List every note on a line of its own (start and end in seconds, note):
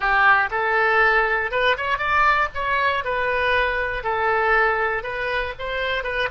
0.00 0.49 G4
0.50 1.51 A4
1.51 1.76 B4
1.77 1.98 C#5
1.98 2.48 D5
2.54 3.04 C#5
3.04 4.03 B4
4.03 5.03 A4
5.03 5.53 B4
5.58 6.03 C5
6.03 6.28 B4